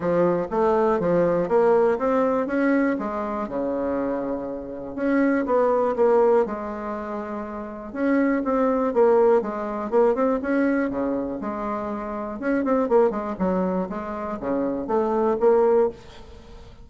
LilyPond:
\new Staff \with { instrumentName = "bassoon" } { \time 4/4 \tempo 4 = 121 f4 a4 f4 ais4 | c'4 cis'4 gis4 cis4~ | cis2 cis'4 b4 | ais4 gis2. |
cis'4 c'4 ais4 gis4 | ais8 c'8 cis'4 cis4 gis4~ | gis4 cis'8 c'8 ais8 gis8 fis4 | gis4 cis4 a4 ais4 | }